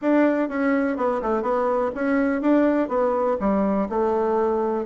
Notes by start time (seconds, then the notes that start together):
0.01 D4
0.48 C#4
0.97 B3
1.22 A3
1.42 B3
1.94 C#4
2.41 D4
2.88 B3
3.39 G3
3.89 A3